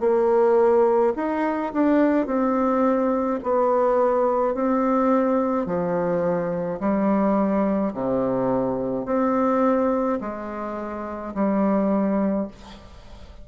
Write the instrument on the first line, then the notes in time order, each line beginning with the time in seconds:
bassoon
0.00 A#3
1.16 D#4
1.73 D4
2.27 C4
3.43 B3
4.55 C4
5.67 F3
6.80 G3
7.94 C3
9.06 C4
10.21 G#3
11.35 G3